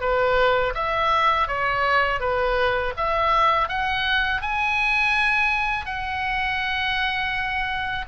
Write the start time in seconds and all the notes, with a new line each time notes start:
0.00 B4
0.74 E5
1.47 C#5
2.20 B4
2.97 E5
3.68 F#5
4.41 G#5
5.85 F#5